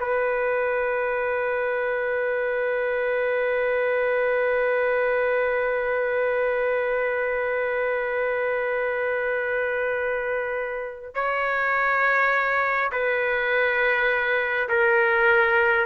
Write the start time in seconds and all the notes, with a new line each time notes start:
0.00 B4
11.14 C#5
12.92 B4
14.68 A#4